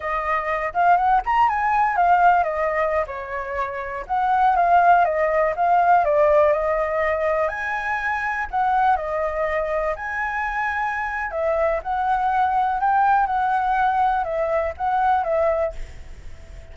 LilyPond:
\new Staff \with { instrumentName = "flute" } { \time 4/4 \tempo 4 = 122 dis''4. f''8 fis''8 ais''8 gis''4 | f''4 dis''4~ dis''16 cis''4.~ cis''16~ | cis''16 fis''4 f''4 dis''4 f''8.~ | f''16 d''4 dis''2 gis''8.~ |
gis''4~ gis''16 fis''4 dis''4.~ dis''16~ | dis''16 gis''2~ gis''8. e''4 | fis''2 g''4 fis''4~ | fis''4 e''4 fis''4 e''4 | }